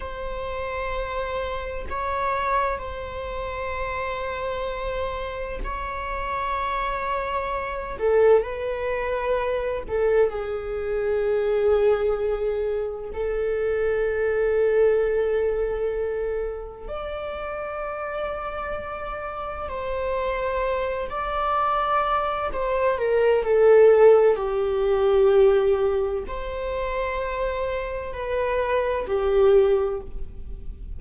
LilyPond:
\new Staff \with { instrumentName = "viola" } { \time 4/4 \tempo 4 = 64 c''2 cis''4 c''4~ | c''2 cis''2~ | cis''8 a'8 b'4. a'8 gis'4~ | gis'2 a'2~ |
a'2 d''2~ | d''4 c''4. d''4. | c''8 ais'8 a'4 g'2 | c''2 b'4 g'4 | }